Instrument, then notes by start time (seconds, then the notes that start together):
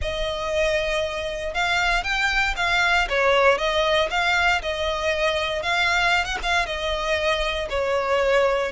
violin
0.01 D#5
1.53 F5
2.03 G5
2.56 F5
3.09 C#5
3.58 D#5
4.10 F5
4.62 D#5
5.62 F5
6.24 F#5
6.42 F5
6.65 D#5
7.69 C#5